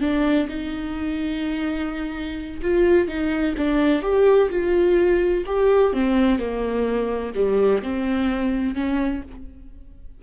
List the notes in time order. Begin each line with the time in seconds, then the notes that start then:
0.00 D4
0.48 D#4
2.62 F4
3.07 D#4
3.57 D4
4.02 G4
4.49 F4
5.46 G4
5.92 C4
6.38 A#3
7.34 G3
7.82 C4
8.74 C#4